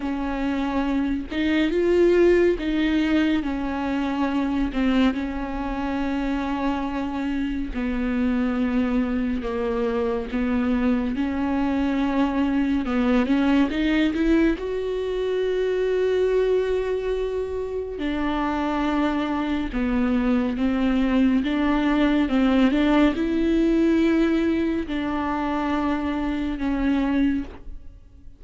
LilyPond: \new Staff \with { instrumentName = "viola" } { \time 4/4 \tempo 4 = 70 cis'4. dis'8 f'4 dis'4 | cis'4. c'8 cis'2~ | cis'4 b2 ais4 | b4 cis'2 b8 cis'8 |
dis'8 e'8 fis'2.~ | fis'4 d'2 b4 | c'4 d'4 c'8 d'8 e'4~ | e'4 d'2 cis'4 | }